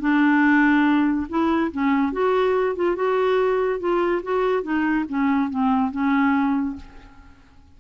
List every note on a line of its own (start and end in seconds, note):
0.00 1.27 D4
1.29 1.72 E4
1.72 2.13 C#4
2.13 2.76 F#4
2.76 2.96 F4
2.96 3.80 F#4
3.80 4.22 F4
4.23 4.63 F#4
4.63 5.05 D#4
5.09 5.50 C#4
5.50 5.91 C4
5.91 6.76 C#4